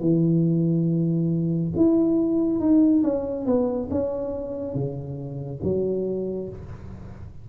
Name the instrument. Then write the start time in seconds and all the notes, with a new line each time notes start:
tuba
0.00 E3
1.76 E4
2.59 D#4
3.03 C#4
3.46 B3
3.90 C#4
4.75 C#3
5.63 F#3